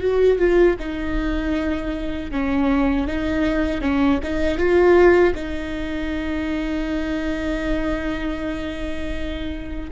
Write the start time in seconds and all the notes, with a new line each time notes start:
0.00 F#4
0.38 F4
0.79 D#4
2.31 C#4
3.07 D#4
3.81 C#4
4.23 D#4
4.57 F4
5.34 D#4